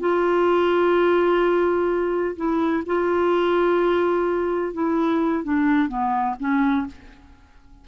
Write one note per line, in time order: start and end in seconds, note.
0.00 2.36 F4
2.37 2.84 E4
2.86 4.74 F4
4.74 5.44 E4
5.44 5.89 D4
5.89 6.36 B3
6.40 6.87 C#4